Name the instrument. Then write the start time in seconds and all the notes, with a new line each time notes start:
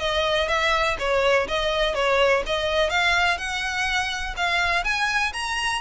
violin
0.00 D#5
0.48 E5
0.99 C#5
1.48 D#5
1.95 C#5
2.46 D#5
2.90 F5
3.38 F#5
4.37 F5
4.85 G#5
5.33 A#5